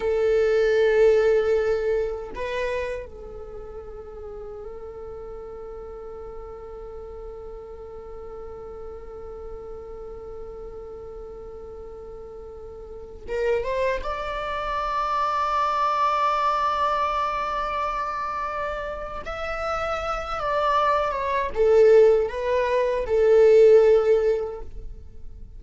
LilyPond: \new Staff \with { instrumentName = "viola" } { \time 4/4 \tempo 4 = 78 a'2. b'4 | a'1~ | a'1~ | a'1~ |
a'4~ a'16 ais'8 c''8 d''4.~ d''16~ | d''1~ | d''4 e''4. d''4 cis''8 | a'4 b'4 a'2 | }